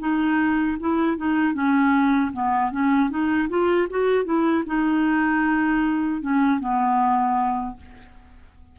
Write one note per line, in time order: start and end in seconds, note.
0.00 0.78 D#4
0.80 1.17 E4
1.17 1.54 D#4
1.54 2.32 C#4
2.33 2.72 B3
2.72 3.10 C#4
3.10 3.49 D#4
3.50 3.89 F4
3.90 4.25 F#4
4.25 4.64 E4
4.67 6.22 D#4
6.22 6.61 C#4
6.61 7.77 B3